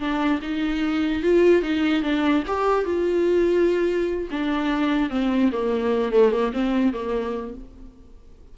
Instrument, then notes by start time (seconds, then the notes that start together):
viola
0.00 D4
0.42 D#4
1.23 F4
1.63 D#4
2.03 D4
2.48 G4
2.86 F4
4.31 D4
5.10 C4
5.53 A#3
6.13 A3
6.32 A#3
6.54 C4
6.94 A#3